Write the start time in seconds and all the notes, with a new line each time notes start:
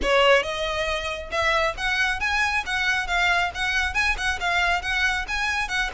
0.02 C#5
0.42 D#5
1.31 E5
1.77 F#5
2.20 G#5
2.65 F#5
3.07 F5
3.54 F#5
3.94 G#5
4.17 F#5
4.40 F5
4.82 F#5
5.28 G#5
5.68 F#5